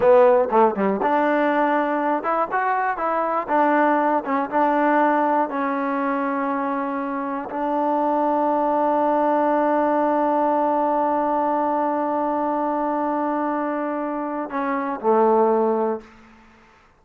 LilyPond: \new Staff \with { instrumentName = "trombone" } { \time 4/4 \tempo 4 = 120 b4 a8 g8 d'2~ | d'8 e'8 fis'4 e'4 d'4~ | d'8 cis'8 d'2 cis'4~ | cis'2. d'4~ |
d'1~ | d'1~ | d'1~ | d'4 cis'4 a2 | }